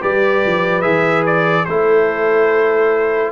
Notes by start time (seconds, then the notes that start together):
0.00 G3 G4 B4 D5
0.46 F3
0.81 E3 G#4 E5
1.26 D5
1.65 A3 E4 A4 C5